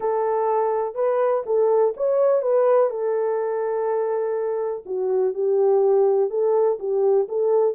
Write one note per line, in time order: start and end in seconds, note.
0.00 0.94 A4
0.94 1.43 B4
1.45 1.94 A4
1.96 2.41 C#5
2.41 2.89 B4
2.89 4.83 A4
4.85 5.34 F#4
5.34 6.29 G4
6.29 6.78 A4
6.79 7.27 G4
7.28 7.74 A4